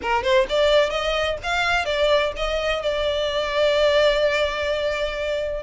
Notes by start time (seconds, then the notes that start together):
0.01 A#4
0.23 C5
0.49 D5
0.90 D#5
1.43 F5
1.85 D5
2.36 D#5
2.83 D5